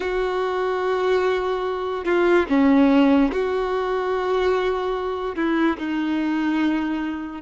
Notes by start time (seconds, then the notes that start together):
0.00 F#4
2.04 F4
2.49 C#4
3.31 F#4
5.35 E4
5.78 D#4